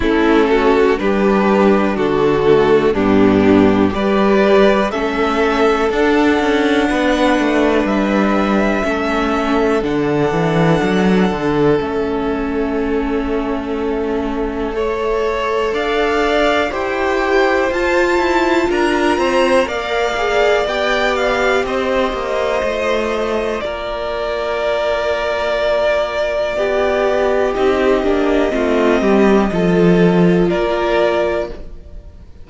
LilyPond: <<
  \new Staff \with { instrumentName = "violin" } { \time 4/4 \tempo 4 = 61 a'4 b'4 a'4 g'4 | d''4 e''4 fis''2 | e''2 fis''2 | e''1 |
f''4 g''4 a''4 ais''4 | f''4 g''8 f''8 dis''2 | d''1 | dis''2. d''4 | }
  \new Staff \with { instrumentName = "violin" } { \time 4/4 e'8 fis'8 g'4 fis'4 d'4 | b'4 a'2 b'4~ | b'4 a'2.~ | a'2. cis''4 |
d''4 c''2 ais'8 c''8 | d''2 c''2 | ais'2. g'4~ | g'4 f'8 g'8 a'4 ais'4 | }
  \new Staff \with { instrumentName = "viola" } { \time 4/4 cis'4 d'4. a8 b4 | g'4 cis'4 d'2~ | d'4 cis'4 d'2 | cis'2. a'4~ |
a'4 g'4 f'2 | ais'8 gis'8 g'2 f'4~ | f'1 | dis'8 d'8 c'4 f'2 | }
  \new Staff \with { instrumentName = "cello" } { \time 4/4 a4 g4 d4 g,4 | g4 a4 d'8 cis'8 b8 a8 | g4 a4 d8 e8 fis8 d8 | a1 |
d'4 e'4 f'8 e'8 d'8 c'8 | ais4 b4 c'8 ais8 a4 | ais2. b4 | c'8 ais8 a8 g8 f4 ais4 | }
>>